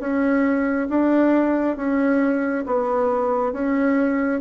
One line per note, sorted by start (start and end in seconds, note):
0.00 0.88 C#4
0.90 1.77 D4
1.77 2.65 C#4
2.66 3.53 B3
3.53 4.41 C#4